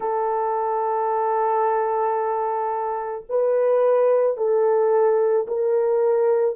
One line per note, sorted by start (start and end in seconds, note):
0.00 3.24 A4
3.29 4.37 B4
4.37 5.46 A4
5.47 6.55 A#4